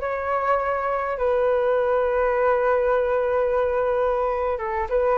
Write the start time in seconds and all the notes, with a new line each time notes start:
0.00 C#5
1.17 B4
4.58 A4
4.89 B4